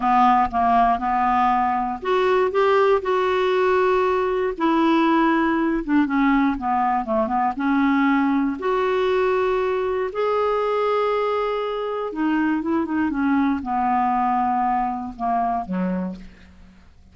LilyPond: \new Staff \with { instrumentName = "clarinet" } { \time 4/4 \tempo 4 = 119 b4 ais4 b2 | fis'4 g'4 fis'2~ | fis'4 e'2~ e'8 d'8 | cis'4 b4 a8 b8 cis'4~ |
cis'4 fis'2. | gis'1 | dis'4 e'8 dis'8 cis'4 b4~ | b2 ais4 fis4 | }